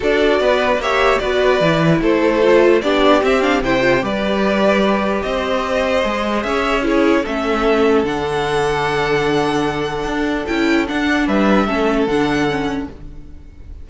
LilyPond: <<
  \new Staff \with { instrumentName = "violin" } { \time 4/4 \tempo 4 = 149 d''2 e''4 d''4~ | d''4 c''2 d''4 | e''8 f''8 g''4 d''2~ | d''4 dis''2. |
e''4 cis''4 e''2 | fis''1~ | fis''2 g''4 fis''4 | e''2 fis''2 | }
  \new Staff \with { instrumentName = "violin" } { \time 4/4 a'4 b'4 cis''4 b'4~ | b'4 a'2 g'4~ | g'4 c''4 b'2~ | b'4 c''2. |
cis''4 gis'4 a'2~ | a'1~ | a'1 | b'4 a'2. | }
  \new Staff \with { instrumentName = "viola" } { \time 4/4 fis'2 g'4 fis'4 | e'2 f'4 d'4 | c'8 d'8 e'8 f'8 g'2~ | g'2. gis'4~ |
gis'4 e'4 cis'2 | d'1~ | d'2 e'4 d'4~ | d'4 cis'4 d'4 cis'4 | }
  \new Staff \with { instrumentName = "cello" } { \time 4/4 d'4 b4 ais4 b4 | e4 a2 b4 | c'4 c4 g2~ | g4 c'2 gis4 |
cis'2 a2 | d1~ | d4 d'4 cis'4 d'4 | g4 a4 d2 | }
>>